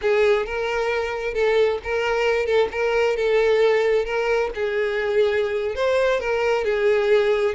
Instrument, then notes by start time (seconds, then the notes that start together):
violin
0.01 G#4
0.46 A#4
1.33 A4
1.83 A#4
2.46 A4
2.71 A#4
3.16 A4
4.05 A#4
4.54 G#4
5.75 C5
6.20 A#4
6.64 G#4